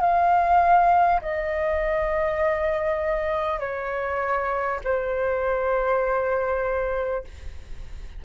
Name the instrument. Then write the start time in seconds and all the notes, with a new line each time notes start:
flute
0.00 F5
1.21 D#5
3.59 C#5
4.84 C5